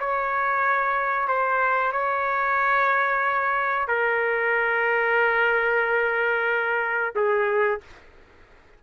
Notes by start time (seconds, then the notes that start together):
0.00 C#5
1.28 C5
1.93 C#5
3.88 A#4
7.16 G#4